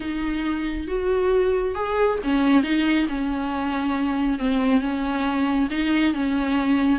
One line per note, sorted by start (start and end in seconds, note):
0.00 0.87 D#4
0.87 1.74 F#4
1.74 2.18 G#4
2.23 2.63 C#4
2.63 3.07 D#4
3.08 4.39 C#4
4.39 4.80 C4
4.80 5.68 C#4
5.70 6.13 D#4
6.13 6.99 C#4